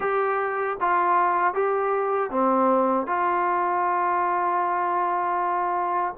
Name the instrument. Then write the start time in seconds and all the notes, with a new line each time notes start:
trombone
0.00 G4
0.80 F4
1.53 G4
2.30 C4
3.06 F4